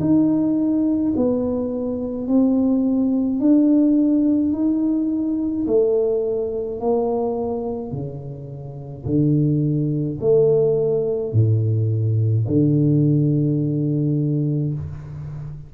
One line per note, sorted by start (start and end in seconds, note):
0.00 1.13 D#4
1.16 2.27 B3
2.27 3.40 C4
3.40 4.52 D4
4.52 5.66 D#4
5.67 6.80 A3
6.80 7.91 A#3
7.91 9.05 C#3
9.05 10.18 D3
10.20 11.32 A3
11.32 12.45 A2
12.47 14.73 D3